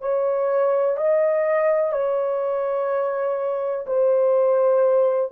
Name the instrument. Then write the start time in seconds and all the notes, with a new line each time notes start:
horn
0.00 C#5
0.97 D#5
1.92 C#5
3.86 C5